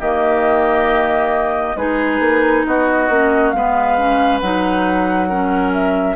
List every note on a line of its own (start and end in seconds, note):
0.00 1.76 D#3
0.00 1.78 A#3
0.00 1.76 G4
0.00 1.77 D#5
1.76 2.20 G#3
1.76 3.10 D#4
1.76 2.66 G#4
1.76 2.65 B4
2.20 2.64 A#3
2.67 3.09 B3
2.67 3.56 F#4
2.67 3.51 D#5
3.09 3.53 A#3
3.09 3.55 C#4
3.51 4.41 G#3
3.51 3.98 B3
3.51 5.29 B4
3.51 4.39 F5
3.98 4.42 C#4
4.40 6.16 F#3
4.40 5.30 D#4
4.40 5.72 F#5
5.29 6.16 C#4
5.29 6.16 A#4
5.73 6.16 E5